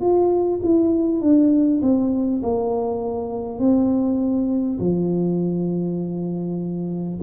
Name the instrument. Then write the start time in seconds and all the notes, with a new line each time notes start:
tuba
0.00 F4
0.63 E4
1.21 D4
1.81 C4
2.42 A#3
3.58 C4
4.79 F3